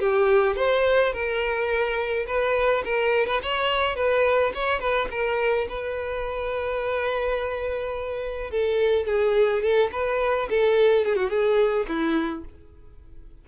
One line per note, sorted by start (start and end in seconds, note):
0.00 0.56 G4
0.56 1.13 C5
1.13 2.26 A#4
2.27 2.84 B4
2.85 3.27 A#4
3.27 3.41 B4
3.43 3.96 C#5
3.96 4.53 B4
4.55 4.80 C#5
4.80 5.08 B4
5.11 5.68 A#4
5.69 8.51 B4
8.51 9.06 A4
9.06 9.63 G#4
9.63 9.91 A4
9.92 10.49 B4
10.51 11.05 A4
11.05 11.16 G#4
11.16 11.30 F#4
11.30 11.87 G#4
11.88 12.45 E4